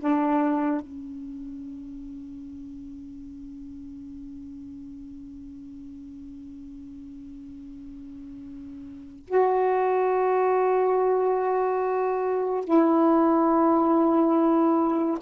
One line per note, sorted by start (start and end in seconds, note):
0.00 0.81 D4
0.81 9.26 C#4
9.28 12.65 F#4
12.65 15.19 E4